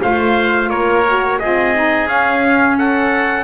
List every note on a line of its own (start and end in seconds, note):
0.00 0.70 A3
0.00 1.03 F4
0.00 0.70 C5
0.00 0.70 F5
0.70 1.39 A#3
0.70 1.39 A#4
0.70 1.39 C#5
1.06 1.41 F#4
1.39 2.07 C4
1.39 1.75 F4
1.39 2.78 G#4
1.39 2.08 D#5
1.75 2.08 D#4
2.07 3.44 C#4
2.07 2.77 F5
2.78 3.44 A4
2.78 3.44 F#5